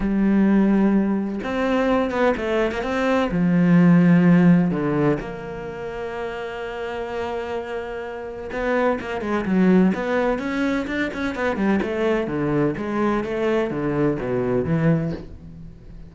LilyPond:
\new Staff \with { instrumentName = "cello" } { \time 4/4 \tempo 4 = 127 g2. c'4~ | c'8 b8 a8. ais16 c'4 f4~ | f2 d4 ais4~ | ais1~ |
ais2 b4 ais8 gis8 | fis4 b4 cis'4 d'8 cis'8 | b8 g8 a4 d4 gis4 | a4 d4 b,4 e4 | }